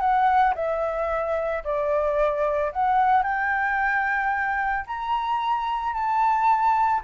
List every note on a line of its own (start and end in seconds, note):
0.00 0.54 F#5
0.55 1.63 E5
1.64 2.72 D5
2.72 3.23 F#5
3.23 4.85 G5
4.87 5.93 A#5
5.93 7.01 A5